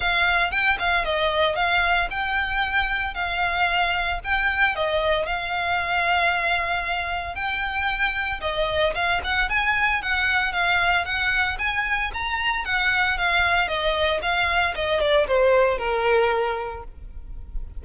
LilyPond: \new Staff \with { instrumentName = "violin" } { \time 4/4 \tempo 4 = 114 f''4 g''8 f''8 dis''4 f''4 | g''2 f''2 | g''4 dis''4 f''2~ | f''2 g''2 |
dis''4 f''8 fis''8 gis''4 fis''4 | f''4 fis''4 gis''4 ais''4 | fis''4 f''4 dis''4 f''4 | dis''8 d''8 c''4 ais'2 | }